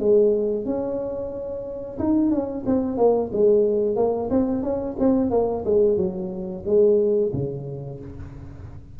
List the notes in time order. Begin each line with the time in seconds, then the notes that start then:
0.00 G#3
0.66 C#4
1.99 D#4
2.32 C#4
2.66 C4
2.98 A#3
3.33 G#3
3.97 A#3
4.30 C4
4.63 C#4
5.00 C4
5.31 A#3
5.65 G#3
5.97 F#3
6.66 G#3
7.33 C#3